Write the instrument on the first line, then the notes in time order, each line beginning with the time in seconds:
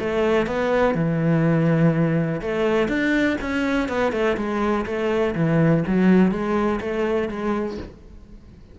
cello
0.00 A3
0.47 B3
0.95 E3
2.42 A3
2.88 D4
3.41 C#4
3.89 B3
4.12 A3
4.37 G#3
4.86 A3
5.35 E3
5.87 F#3
6.31 G#3
6.81 A3
7.29 G#3